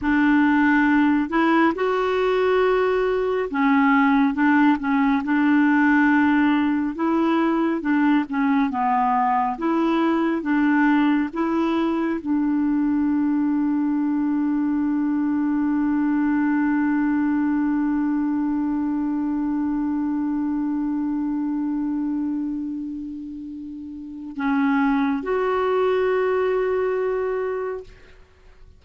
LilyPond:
\new Staff \with { instrumentName = "clarinet" } { \time 4/4 \tempo 4 = 69 d'4. e'8 fis'2 | cis'4 d'8 cis'8 d'2 | e'4 d'8 cis'8 b4 e'4 | d'4 e'4 d'2~ |
d'1~ | d'1~ | d'1 | cis'4 fis'2. | }